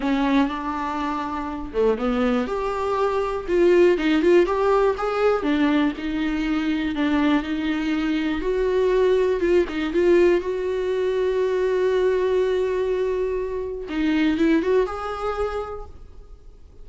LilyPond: \new Staff \with { instrumentName = "viola" } { \time 4/4 \tempo 4 = 121 cis'4 d'2~ d'8 a8 | b4 g'2 f'4 | dis'8 f'8 g'4 gis'4 d'4 | dis'2 d'4 dis'4~ |
dis'4 fis'2 f'8 dis'8 | f'4 fis'2.~ | fis'1 | dis'4 e'8 fis'8 gis'2 | }